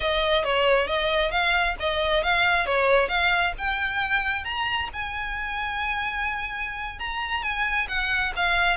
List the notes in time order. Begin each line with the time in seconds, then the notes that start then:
0.00 D#5
0.44 C#5
0.87 D#5
1.31 F5
1.79 D#5
2.23 F5
2.66 C#5
3.08 F5
3.58 G5
4.44 A#5
4.93 G#5
6.99 A#5
7.42 G#5
7.88 F#5
8.36 F5